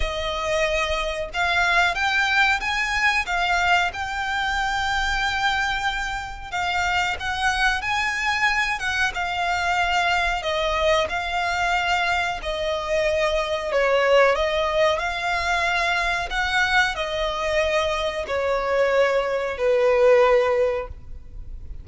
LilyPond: \new Staff \with { instrumentName = "violin" } { \time 4/4 \tempo 4 = 92 dis''2 f''4 g''4 | gis''4 f''4 g''2~ | g''2 f''4 fis''4 | gis''4. fis''8 f''2 |
dis''4 f''2 dis''4~ | dis''4 cis''4 dis''4 f''4~ | f''4 fis''4 dis''2 | cis''2 b'2 | }